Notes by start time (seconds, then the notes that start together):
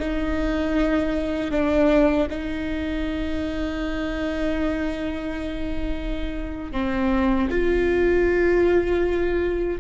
0.00 D#4
1.51 D4
2.30 D#4
6.72 C4
7.51 F4